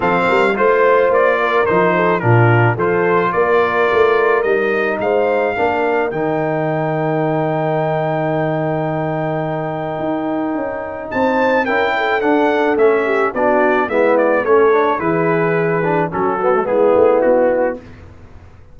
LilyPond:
<<
  \new Staff \with { instrumentName = "trumpet" } { \time 4/4 \tempo 4 = 108 f''4 c''4 d''4 c''4 | ais'4 c''4 d''2 | dis''4 f''2 g''4~ | g''1~ |
g''1 | a''4 g''4 fis''4 e''4 | d''4 e''8 d''8 cis''4 b'4~ | b'4 a'4 gis'4 fis'4 | }
  \new Staff \with { instrumentName = "horn" } { \time 4/4 a'8 ais'8 c''4. ais'4 a'8 | f'4 a'4 ais'2~ | ais'4 c''4 ais'2~ | ais'1~ |
ais'1 | c''4 ais'8 a'2 g'8 | fis'4 e'4 a'4 gis'4~ | gis'4 fis'4 e'2 | }
  \new Staff \with { instrumentName = "trombone" } { \time 4/4 c'4 f'2 dis'4 | d'4 f'2. | dis'2 d'4 dis'4~ | dis'1~ |
dis'1~ | dis'4 e'4 d'4 cis'4 | d'4 b4 cis'8 d'8 e'4~ | e'8 d'8 cis'8 b16 a16 b2 | }
  \new Staff \with { instrumentName = "tuba" } { \time 4/4 f8 g8 a4 ais4 f4 | ais,4 f4 ais4 a4 | g4 gis4 ais4 dis4~ | dis1~ |
dis2 dis'4 cis'4 | c'4 cis'4 d'4 a4 | b4 gis4 a4 e4~ | e4 fis4 gis8 a8 b4 | }
>>